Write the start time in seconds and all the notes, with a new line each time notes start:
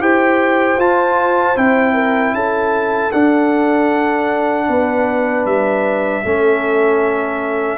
0.00 E4 G4 C5 G5
0.78 F4 A5
1.56 C4 E4 G5
1.94 A#4
2.34 C#4 A4 A5
3.12 D4 F#5
4.68 B3 B4
5.46 G3 E5
6.24 A3 C#4 A4